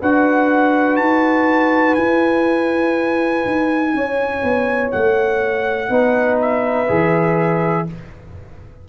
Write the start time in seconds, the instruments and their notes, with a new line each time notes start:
0.00 tuba D4, trombone F#4, horn B4, trumpet F#5
0.97 tuba D#4, trumpet A5
1.95 tuba E4, trombone E4, trumpet G#5
3.45 tuba D#4
3.93 tuba C#4, horn C#5
4.43 tuba B3
4.92 tuba A3, trumpet F#5
5.89 tuba B3, trombone D#4, horn B4
6.41 trumpet E5
6.88 tuba E3, trombone G#4